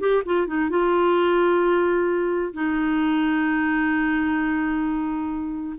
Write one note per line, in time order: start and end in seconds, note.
0.00 0.23 G4
0.25 0.47 F4
0.47 0.70 D#4
0.70 2.53 F4
2.53 5.76 D#4